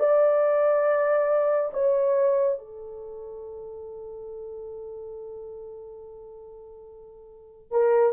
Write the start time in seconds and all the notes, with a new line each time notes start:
0.00 D5
1.74 C#5
2.59 A4
7.71 A#4